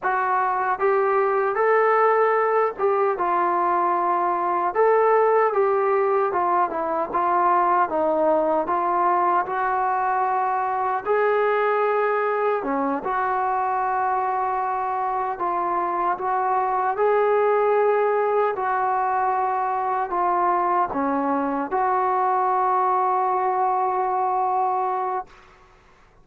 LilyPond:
\new Staff \with { instrumentName = "trombone" } { \time 4/4 \tempo 4 = 76 fis'4 g'4 a'4. g'8 | f'2 a'4 g'4 | f'8 e'8 f'4 dis'4 f'4 | fis'2 gis'2 |
cis'8 fis'2. f'8~ | f'8 fis'4 gis'2 fis'8~ | fis'4. f'4 cis'4 fis'8~ | fis'1 | }